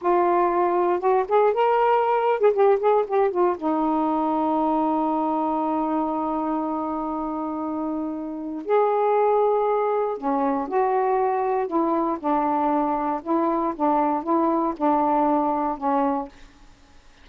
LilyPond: \new Staff \with { instrumentName = "saxophone" } { \time 4/4 \tempo 4 = 118 f'2 fis'8 gis'8 ais'4~ | ais'8. gis'16 g'8 gis'8 g'8 f'8 dis'4~ | dis'1~ | dis'1~ |
dis'4 gis'2. | cis'4 fis'2 e'4 | d'2 e'4 d'4 | e'4 d'2 cis'4 | }